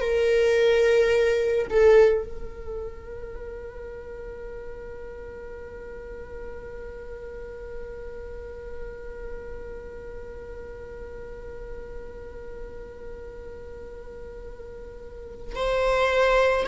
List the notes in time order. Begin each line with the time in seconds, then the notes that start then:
0.00 A#4
1.70 A4
2.23 A#4
15.55 C5